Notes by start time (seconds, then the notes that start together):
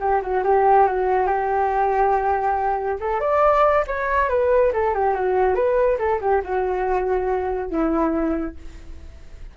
0.00 G4
0.22 F#4
0.44 G4
0.87 F#4
1.27 G4
3.01 A4
3.20 D5
3.87 C#5
4.30 B4
4.74 A4
4.94 G4
5.15 F#4
5.55 B4
5.99 A4
6.21 G4
6.44 F#4
7.70 E4